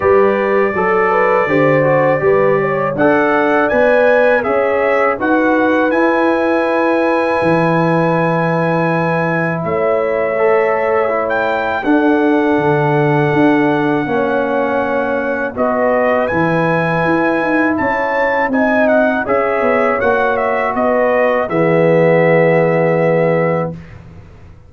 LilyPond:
<<
  \new Staff \with { instrumentName = "trumpet" } { \time 4/4 \tempo 4 = 81 d''1 | fis''4 gis''4 e''4 fis''4 | gis''1~ | gis''4 e''2~ e''16 g''8. |
fis''1~ | fis''4 dis''4 gis''2 | a''4 gis''8 fis''8 e''4 fis''8 e''8 | dis''4 e''2. | }
  \new Staff \with { instrumentName = "horn" } { \time 4/4 b'4 a'8 b'8 c''4 b'8 cis''8 | d''2 cis''4 b'4~ | b'1~ | b'4 cis''2. |
a'2. cis''4~ | cis''4 b'2. | cis''4 dis''4 cis''2 | b'4 gis'2. | }
  \new Staff \with { instrumentName = "trombone" } { \time 4/4 g'4 a'4 g'8 fis'8 g'4 | a'4 b'4 gis'4 fis'4 | e'1~ | e'2 a'4 e'4 |
d'2. cis'4~ | cis'4 fis'4 e'2~ | e'4 dis'4 gis'4 fis'4~ | fis'4 b2. | }
  \new Staff \with { instrumentName = "tuba" } { \time 4/4 g4 fis4 d4 g4 | d'4 b4 cis'4 dis'4 | e'2 e2~ | e4 a2. |
d'4 d4 d'4 ais4~ | ais4 b4 e4 e'8 dis'8 | cis'4 c'4 cis'8 b8 ais4 | b4 e2. | }
>>